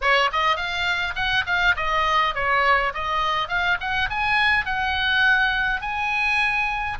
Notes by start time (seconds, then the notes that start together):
0.01 C#5
0.32 D#5
0.56 F5
1.15 F#5
1.46 F5
1.76 D#5
2.35 C#5
2.94 D#5
3.48 F5
3.80 F#5
4.10 G#5
4.65 F#5
5.81 G#5